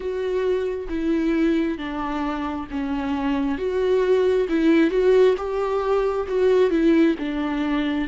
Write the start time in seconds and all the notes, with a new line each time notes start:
0.00 F#4
0.88 E4
1.77 D4
2.70 C#4
3.58 F#4
4.48 E4
4.90 F#4
5.37 G4
6.28 F#4
6.70 E4
7.18 D4